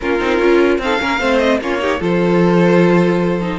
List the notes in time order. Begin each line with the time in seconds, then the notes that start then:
0.01 A#3 C#4 F4 A#4
0.19 C4 D#4
0.38 C#4 F4
0.78 C4 D#4 A4 F5
0.99 A#3 C#4 A#4
1.19 A3 C4 C5
1.38 D#5
1.60 A#3 C#4 F4 C#5
1.78 D#4 G4
2.00 F3 F4 A4 C5
3.41 D#4